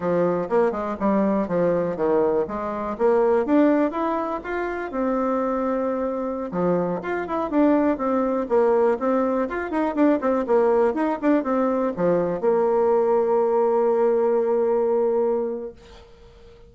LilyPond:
\new Staff \with { instrumentName = "bassoon" } { \time 4/4 \tempo 4 = 122 f4 ais8 gis8 g4 f4 | dis4 gis4 ais4 d'4 | e'4 f'4 c'2~ | c'4~ c'16 f4 f'8 e'8 d'8.~ |
d'16 c'4 ais4 c'4 f'8 dis'16~ | dis'16 d'8 c'8 ais4 dis'8 d'8 c'8.~ | c'16 f4 ais2~ ais8.~ | ais1 | }